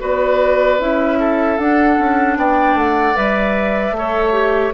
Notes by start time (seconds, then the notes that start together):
0.00 B3 F#4 B4 D5
0.79 C#4 E4 E5
1.20 A4
1.58 D4 F#5
1.99 C#4
2.37 B3 D5 G5
2.75 A3 F#5
3.15 G3 B4 E5
3.91 A3 A4
3.98 C#5
4.33 G4